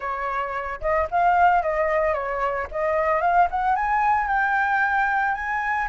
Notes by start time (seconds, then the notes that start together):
0.00 C#5
0.81 D#5
1.10 F5
1.62 D#5
2.13 C#5
2.71 D#5
3.21 F5
3.50 F#5
3.75 G#5
4.27 G5
5.34 G#5